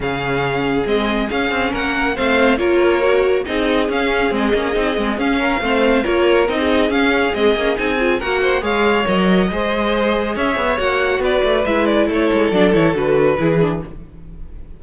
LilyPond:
<<
  \new Staff \with { instrumentName = "violin" } { \time 4/4 \tempo 4 = 139 f''2 dis''4 f''4 | fis''4 f''4 cis''2 | dis''4 f''4 dis''2 | f''2 cis''4 dis''4 |
f''4 dis''4 gis''4 fis''4 | f''4 dis''2. | e''4 fis''4 d''4 e''8 d''8 | cis''4 d''8 cis''8 b'2 | }
  \new Staff \with { instrumentName = "violin" } { \time 4/4 gis'1 | ais'4 c''4 ais'2 | gis'1~ | gis'8 ais'8 c''4 ais'4~ ais'16 gis'8.~ |
gis'2. ais'8 c''8 | cis''2 c''2 | cis''2 b'2 | a'2. gis'4 | }
  \new Staff \with { instrumentName = "viola" } { \time 4/4 cis'2 c'4 cis'4~ | cis'4 c'4 f'4 fis'4 | dis'4 cis'4 c'8 cis'8 dis'8 c'8 | cis'4 c'4 f'4 dis'4 |
cis'4 c'8 cis'8 dis'8 f'8 fis'4 | gis'4 ais'4 gis'2~ | gis'4 fis'2 e'4~ | e'4 d'8 e'8 fis'4 e'8 d'8 | }
  \new Staff \with { instrumentName = "cello" } { \time 4/4 cis2 gis4 cis'8 c'8 | ais4 a4 ais2 | c'4 cis'4 gis8 ais8 c'8 gis8 | cis'4 a4 ais4 c'4 |
cis'4 gis8 ais8 c'4 ais4 | gis4 fis4 gis2 | cis'8 b8 ais4 b8 a8 gis4 | a8 gis8 fis8 e8 d4 e4 | }
>>